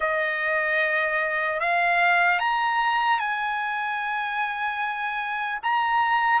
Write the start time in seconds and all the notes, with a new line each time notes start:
0.00 D#5
1.60 F5
2.39 A#5
3.19 G#5
5.62 A#5